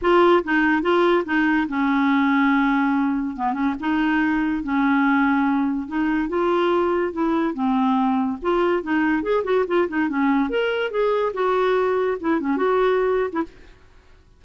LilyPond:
\new Staff \with { instrumentName = "clarinet" } { \time 4/4 \tempo 4 = 143 f'4 dis'4 f'4 dis'4 | cis'1 | b8 cis'8 dis'2 cis'4~ | cis'2 dis'4 f'4~ |
f'4 e'4 c'2 | f'4 dis'4 gis'8 fis'8 f'8 dis'8 | cis'4 ais'4 gis'4 fis'4~ | fis'4 e'8 cis'8 fis'4.~ fis'16 e'16 | }